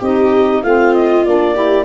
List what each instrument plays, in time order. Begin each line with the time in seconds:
0.00 tuba C4, saxophone D#4, viola G4, clarinet D#5
0.63 tuba A3, saxophone C4, viola F4, clarinet F5
0.94 clarinet D#5
1.25 tuba A#3, saxophone D4, clarinet D5
1.55 saxophone E4, viola G4